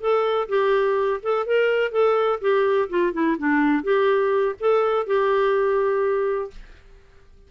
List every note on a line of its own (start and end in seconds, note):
0.00 0.48 A4
0.48 1.20 G4
1.22 1.46 A4
1.46 1.91 A#4
1.91 2.39 A4
2.41 2.89 G4
2.89 3.13 F4
3.13 3.37 E4
3.38 3.83 D4
3.83 4.55 G4
4.59 5.06 A4
5.06 6.50 G4